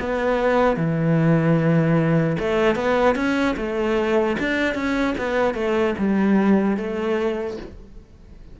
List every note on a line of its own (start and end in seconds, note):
0.00 0.77 B3
0.77 2.37 E3
2.40 2.76 A3
2.76 3.16 B3
3.16 3.56 C#4
3.57 4.37 A3
4.40 4.75 D4
4.75 5.15 C#4
5.18 5.55 B3
5.55 5.95 A3
5.99 6.77 G3
6.77 7.57 A3